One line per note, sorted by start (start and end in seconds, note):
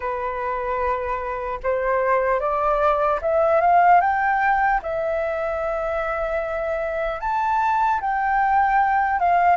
0.00 1.59 B4
1.63 2.40 C5
2.40 3.20 D5
3.21 3.60 E5
3.60 4.00 F5
4.00 4.80 G5
4.82 7.20 E5
7.20 8.00 A5
8.00 9.19 G5
9.19 9.56 F5